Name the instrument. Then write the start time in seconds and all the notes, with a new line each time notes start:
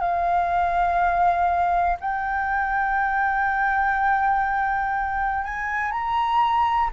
flute
0.00 F5
2.00 G5
5.44 G#5
5.92 A#5